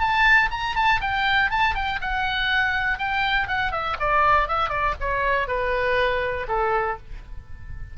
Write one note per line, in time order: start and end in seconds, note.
0.00 0.50 A5
0.50 0.75 A#5
0.76 1.01 A5
1.01 1.50 G5
1.50 1.74 A5
1.74 1.99 G5
2.01 2.98 F#5
2.98 3.48 G5
3.48 3.72 F#5
3.72 3.96 E5
4.00 4.48 D5
4.48 4.69 E5
4.69 4.94 D5
5.00 5.47 C#5
5.47 6.47 B4
6.48 6.98 A4